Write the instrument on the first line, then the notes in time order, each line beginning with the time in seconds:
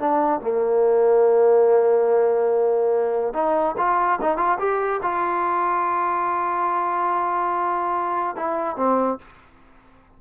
trombone
0.00 D4
0.41 A#3
3.34 D#4
3.78 F4
4.22 D#4
4.38 F4
4.59 G4
5.03 F4
8.36 E4
8.77 C4